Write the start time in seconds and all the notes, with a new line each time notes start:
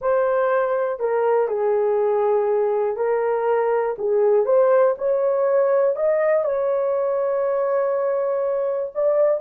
0.01 C5
0.99 A#4
1.47 G#4
2.96 A#4
3.98 G#4
4.45 C5
4.97 C#5
5.95 D#5
6.44 C#5
8.94 D5